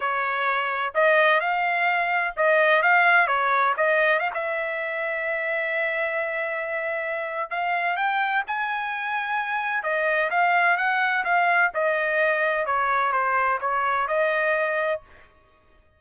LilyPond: \new Staff \with { instrumentName = "trumpet" } { \time 4/4 \tempo 4 = 128 cis''2 dis''4 f''4~ | f''4 dis''4 f''4 cis''4 | dis''4 f''16 e''2~ e''8.~ | e''1 |
f''4 g''4 gis''2~ | gis''4 dis''4 f''4 fis''4 | f''4 dis''2 cis''4 | c''4 cis''4 dis''2 | }